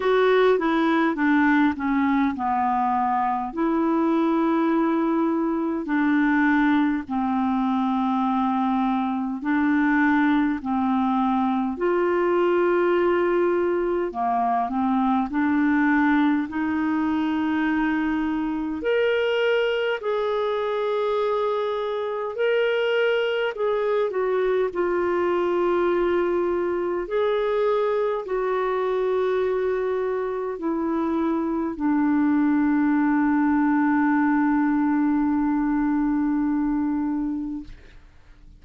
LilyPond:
\new Staff \with { instrumentName = "clarinet" } { \time 4/4 \tempo 4 = 51 fis'8 e'8 d'8 cis'8 b4 e'4~ | e'4 d'4 c'2 | d'4 c'4 f'2 | ais8 c'8 d'4 dis'2 |
ais'4 gis'2 ais'4 | gis'8 fis'8 f'2 gis'4 | fis'2 e'4 d'4~ | d'1 | }